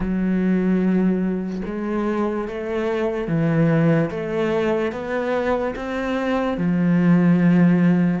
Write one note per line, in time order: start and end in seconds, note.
0.00 1.62 F#3
1.65 2.47 G#3
2.48 3.27 A3
3.27 4.09 E3
4.10 4.92 A3
4.92 5.74 B3
5.75 6.58 C4
6.58 8.20 F3